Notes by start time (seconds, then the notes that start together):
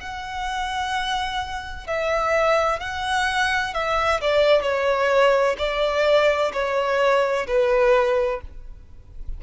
0.00 F#5
1.87 E5
2.80 F#5
3.74 E5
4.21 D5
4.62 C#5
5.58 D5
6.53 C#5
7.47 B4